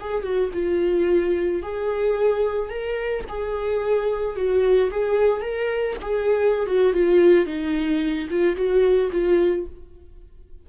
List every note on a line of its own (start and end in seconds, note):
0.00 0.23 G#4
0.23 0.50 F#4
0.53 1.62 F4
1.62 2.69 G#4
2.69 3.24 A#4
3.29 4.36 G#4
4.36 4.90 F#4
4.91 5.41 G#4
5.41 5.96 A#4
6.01 6.66 G#4
6.66 6.93 F#4
6.93 7.46 F4
7.46 8.28 D#4
8.30 8.56 F4
8.56 9.10 F#4
9.11 9.66 F4